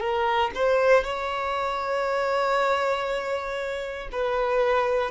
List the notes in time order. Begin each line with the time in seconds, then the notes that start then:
0.00 A#4
0.55 C5
1.04 C#5
4.12 B4